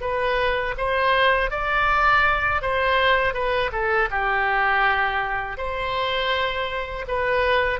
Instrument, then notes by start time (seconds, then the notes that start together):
oboe
0.00 B4
0.77 C5
1.51 D5
2.62 C5
3.33 B4
3.72 A4
4.10 G4
5.57 C5
7.07 B4